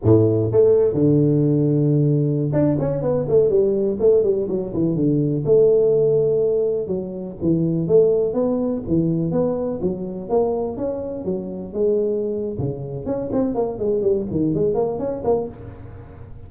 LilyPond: \new Staff \with { instrumentName = "tuba" } { \time 4/4 \tempo 4 = 124 a,4 a4 d2~ | d4~ d16 d'8 cis'8 b8 a8 g8.~ | g16 a8 g8 fis8 e8 d4 a8.~ | a2~ a16 fis4 e8.~ |
e16 a4 b4 e4 b8.~ | b16 fis4 ais4 cis'4 fis8.~ | fis16 gis4.~ gis16 cis4 cis'8 c'8 | ais8 gis8 g8 dis8 gis8 ais8 cis'8 ais8 | }